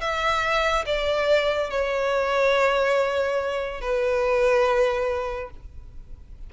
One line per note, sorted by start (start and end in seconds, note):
0.00 0.85 E5
0.86 1.70 D5
1.70 3.81 C#5
3.81 5.50 B4